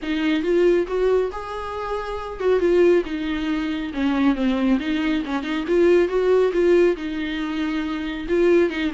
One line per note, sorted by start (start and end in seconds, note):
0.02 0.42 D#4
0.42 0.86 F4
0.87 1.30 F#4
1.32 2.40 G#4
2.40 2.59 F#4
2.59 3.03 F4
3.05 3.92 D#4
3.93 4.35 C#4
4.35 4.78 C4
4.79 5.23 D#4
5.25 5.42 C#4
5.42 5.64 D#4
5.67 6.08 F4
6.08 6.52 F#4
6.52 6.96 F4
6.96 8.26 D#4
8.28 8.70 F4
8.70 8.91 D#4